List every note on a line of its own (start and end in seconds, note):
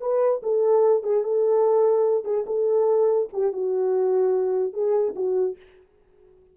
0.00 0.41 B4
0.43 1.03 A4
1.03 1.23 G#4
1.23 2.24 A4
2.24 2.45 G#4
2.46 3.28 A4
3.33 3.52 G4
3.52 4.73 F#4
4.73 5.14 G#4
5.15 5.56 F#4